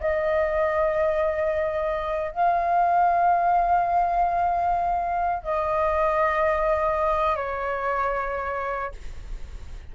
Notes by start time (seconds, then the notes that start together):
0.00 D#5
2.32 F5
5.43 D#5
7.36 C#5